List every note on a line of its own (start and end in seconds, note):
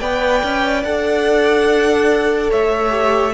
0.00 0.42 B3
0.00 0.85 B4
0.00 2.50 D5
0.00 0.83 G5
0.43 0.84 C#4
0.84 2.51 D4
0.84 2.90 A4
0.84 2.51 F#5
2.50 3.34 A3
2.50 3.33 C#5
2.50 3.34 E5
2.90 3.31 G4